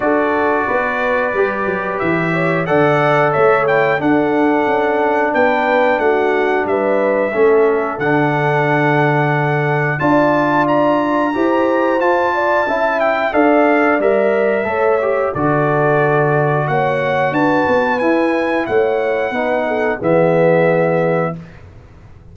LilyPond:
<<
  \new Staff \with { instrumentName = "trumpet" } { \time 4/4 \tempo 4 = 90 d''2. e''4 | fis''4 e''8 g''8 fis''2 | g''4 fis''4 e''2 | fis''2. a''4 |
ais''2 a''4. g''8 | f''4 e''2 d''4~ | d''4 fis''4 a''4 gis''4 | fis''2 e''2 | }
  \new Staff \with { instrumentName = "horn" } { \time 4/4 a'4 b'2~ b'8 cis''8 | d''4 cis''4 a'2 | b'4 fis'4 b'4 a'4~ | a'2. d''4~ |
d''4 c''4. d''8 e''4 | d''2 cis''4 a'4~ | a'4 cis''4 b'2 | cis''4 b'8 a'8 gis'2 | }
  \new Staff \with { instrumentName = "trombone" } { \time 4/4 fis'2 g'2 | a'4. e'8 d'2~ | d'2. cis'4 | d'2. f'4~ |
f'4 g'4 f'4 e'4 | a'4 ais'4 a'8 g'8 fis'4~ | fis'2. e'4~ | e'4 dis'4 b2 | }
  \new Staff \with { instrumentName = "tuba" } { \time 4/4 d'4 b4 g8 fis8 e4 | d4 a4 d'4 cis'4 | b4 a4 g4 a4 | d2. d'4~ |
d'4 e'4 f'4 cis'4 | d'4 g4 a4 d4~ | d4 ais4 d'8 b8 e'4 | a4 b4 e2 | }
>>